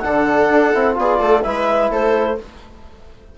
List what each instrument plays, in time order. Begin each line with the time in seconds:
0.00 bassoon D3, trombone D4, viola A4, clarinet F#5
0.49 bassoon D4
0.73 bassoon C4, trombone E4
0.94 bassoon B3, trombone F4, viola G#4, clarinet D5
1.19 bassoon A3, viola A4
1.43 bassoon G#3, trombone E4, viola B4, clarinet E5
1.90 bassoon A3, viola A4, clarinet C5